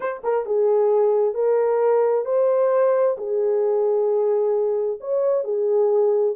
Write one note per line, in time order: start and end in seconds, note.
0.00 0.22 C5
0.23 0.45 A#4
0.45 1.34 G#4
1.34 2.25 A#4
2.25 3.16 C5
3.17 4.99 G#4
5.00 5.44 C#5
5.44 6.35 G#4